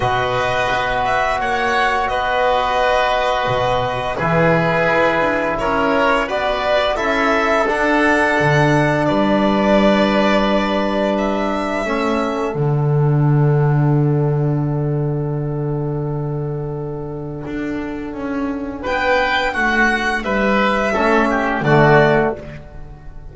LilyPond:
<<
  \new Staff \with { instrumentName = "violin" } { \time 4/4 \tempo 4 = 86 dis''4. e''8 fis''4 dis''4~ | dis''2 b'2 | cis''4 d''4 e''4 fis''4~ | fis''4 d''2. |
e''2 fis''2~ | fis''1~ | fis''2. g''4 | fis''4 e''2 d''4 | }
  \new Staff \with { instrumentName = "oboe" } { \time 4/4 b'2 cis''4 b'4~ | b'2 gis'2 | ais'4 b'4 a'2~ | a'4 b'2.~ |
b'4 a'2.~ | a'1~ | a'2. b'4 | fis'4 b'4 a'8 g'8 fis'4 | }
  \new Staff \with { instrumentName = "trombone" } { \time 4/4 fis'1~ | fis'2 e'2~ | e'4 fis'4 e'4 d'4~ | d'1~ |
d'4 cis'4 d'2~ | d'1~ | d'1~ | d'2 cis'4 a4 | }
  \new Staff \with { instrumentName = "double bass" } { \time 4/4 b,4 b4 ais4 b4~ | b4 b,4 e4 e'8 d'8 | cis'4 b4 cis'4 d'4 | d4 g2.~ |
g4 a4 d2~ | d1~ | d4 d'4 cis'4 b4 | a4 g4 a4 d4 | }
>>